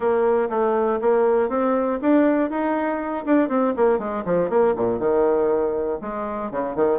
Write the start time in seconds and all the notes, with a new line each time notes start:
0.00 A#3
0.49 A3
1.01 A#3
1.49 C4
2.01 D4
2.50 D#4
3.25 D4
3.48 C4
3.76 A#3
3.98 G#3
4.25 F3
4.49 A#3
4.76 A#2
4.99 D#3
6.01 G#3
6.51 C#3
6.75 D#3